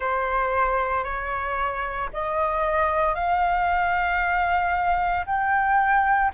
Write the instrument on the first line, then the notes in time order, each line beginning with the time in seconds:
flute
0.00 C5
1.03 C#5
2.13 D#5
3.14 F5
5.25 G5